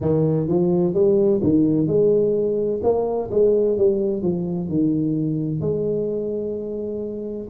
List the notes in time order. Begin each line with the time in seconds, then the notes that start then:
0.00 D#3
0.47 F3
0.94 G3
1.43 D#3
1.87 G#3
2.83 A#3
3.31 G#3
3.78 G3
4.22 F3
4.68 D#3
5.60 G#3